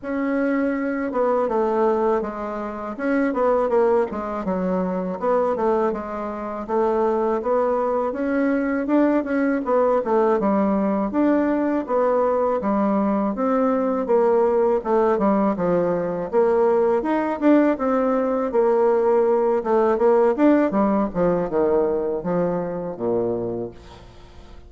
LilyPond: \new Staff \with { instrumentName = "bassoon" } { \time 4/4 \tempo 4 = 81 cis'4. b8 a4 gis4 | cis'8 b8 ais8 gis8 fis4 b8 a8 | gis4 a4 b4 cis'4 | d'8 cis'8 b8 a8 g4 d'4 |
b4 g4 c'4 ais4 | a8 g8 f4 ais4 dis'8 d'8 | c'4 ais4. a8 ais8 d'8 | g8 f8 dis4 f4 ais,4 | }